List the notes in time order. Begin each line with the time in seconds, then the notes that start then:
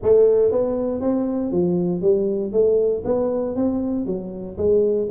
0.02 A3
0.51 B3
1.01 C4
1.51 F3
2.01 G3
2.52 A3
3.04 B3
3.55 C4
4.05 F#3
4.57 G#3